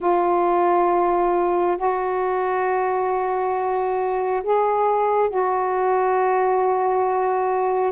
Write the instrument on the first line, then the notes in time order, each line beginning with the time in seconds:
saxophone
0.00 F4
1.77 F#4
4.43 G#4
5.30 F#4